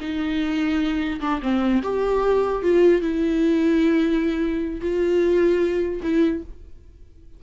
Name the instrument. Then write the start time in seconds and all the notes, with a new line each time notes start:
viola
0.00 D#4
1.20 D4
1.42 C4
1.82 G4
2.62 F4
3.01 E4
4.81 F4
6.02 E4